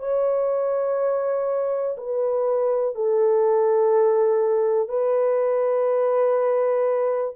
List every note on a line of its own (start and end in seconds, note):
0.00 1.97 C#5
1.98 2.96 B4
2.96 4.89 A4
4.89 7.35 B4